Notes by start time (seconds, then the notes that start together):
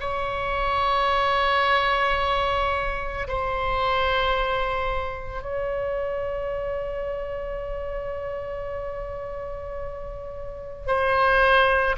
0.00 C#5
3.28 C5
5.42 C#5
10.87 C5